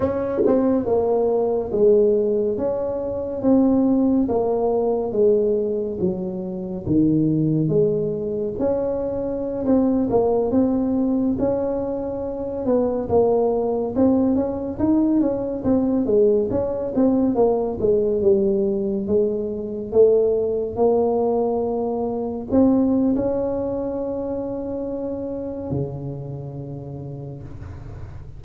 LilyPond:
\new Staff \with { instrumentName = "tuba" } { \time 4/4 \tempo 4 = 70 cis'8 c'8 ais4 gis4 cis'4 | c'4 ais4 gis4 fis4 | dis4 gis4 cis'4~ cis'16 c'8 ais16~ | ais16 c'4 cis'4. b8 ais8.~ |
ais16 c'8 cis'8 dis'8 cis'8 c'8 gis8 cis'8 c'16~ | c'16 ais8 gis8 g4 gis4 a8.~ | a16 ais2 c'8. cis'4~ | cis'2 cis2 | }